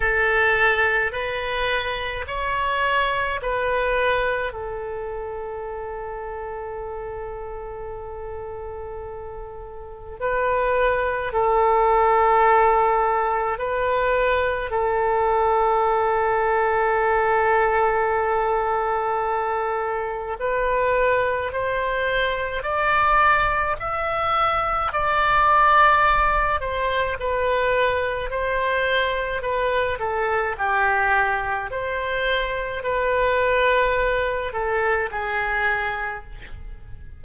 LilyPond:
\new Staff \with { instrumentName = "oboe" } { \time 4/4 \tempo 4 = 53 a'4 b'4 cis''4 b'4 | a'1~ | a'4 b'4 a'2 | b'4 a'2.~ |
a'2 b'4 c''4 | d''4 e''4 d''4. c''8 | b'4 c''4 b'8 a'8 g'4 | c''4 b'4. a'8 gis'4 | }